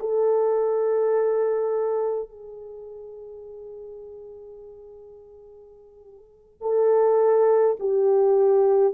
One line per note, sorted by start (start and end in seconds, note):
0.00 2.30 A4
2.30 6.61 G#4
6.61 7.77 A4
7.80 8.94 G4